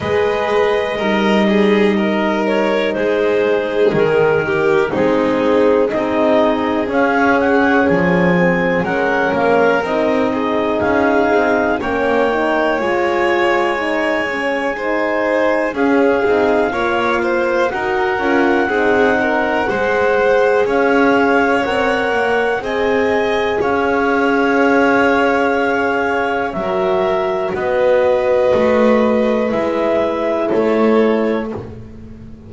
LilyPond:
<<
  \new Staff \with { instrumentName = "clarinet" } { \time 4/4 \tempo 4 = 61 dis''2~ dis''8 cis''8 c''4 | ais'4 gis'4 dis''4 f''8 fis''8 | gis''4 fis''8 f''8 dis''4 f''4 | g''4 gis''2. |
f''2 fis''2~ | fis''4 f''4 fis''4 gis''4 | f''2. e''4 | dis''2 e''4 cis''4 | }
  \new Staff \with { instrumentName = "violin" } { \time 4/4 b'4 ais'8 gis'8 ais'4 gis'4~ | gis'8 g'8 dis'4 gis'2~ | gis'4 ais'4. gis'4. | cis''2. c''4 |
gis'4 cis''8 c''8 ais'4 gis'8 ais'8 | c''4 cis''2 dis''4 | cis''2. ais'4 | b'2. a'4 | }
  \new Staff \with { instrumentName = "horn" } { \time 4/4 gis'4 dis'2.~ | dis'4 c'4 dis'4 cis'4~ | cis'8 c'8 cis'4 dis'2 | cis'8 dis'8 f'4 dis'8 cis'8 dis'4 |
cis'8 dis'8 f'4 fis'8 f'8 dis'4 | gis'2 ais'4 gis'4~ | gis'2. fis'4~ | fis'2 e'2 | }
  \new Staff \with { instrumentName = "double bass" } { \time 4/4 gis4 g2 gis4 | dis4 gis4 c'4 cis'4 | f4 gis8 ais8 c'4 cis'8 c'8 | ais4 gis2. |
cis'8 c'8 ais4 dis'8 cis'8 c'4 | gis4 cis'4 c'8 ais8 c'4 | cis'2. fis4 | b4 a4 gis4 a4 | }
>>